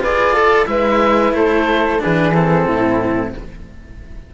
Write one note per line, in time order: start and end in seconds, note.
0.00 0.67 F4
0.00 0.37 G#4
0.00 0.34 B4
0.00 0.67 D5
0.34 0.67 A4
0.34 0.66 A4
0.66 1.33 G#3
0.66 1.99 E4
0.66 1.36 B4
0.66 1.34 E5
1.33 2.00 A3
1.33 2.02 A4
1.33 2.02 C5
1.99 2.33 D4
1.99 2.67 G#4
1.99 2.34 B4
2.06 2.66 E3
2.34 3.35 C4
2.34 3.34 A4
2.66 3.33 A2
2.66 3.34 E4